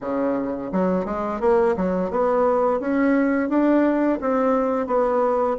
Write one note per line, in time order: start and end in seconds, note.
0.00 0.70 C#3
0.72 1.05 F#3
1.05 1.40 G#3
1.40 1.75 A#3
1.76 2.10 F#3
2.10 2.80 B3
2.80 3.49 C#4
3.49 4.19 D4
4.21 4.86 C4
4.86 5.56 B3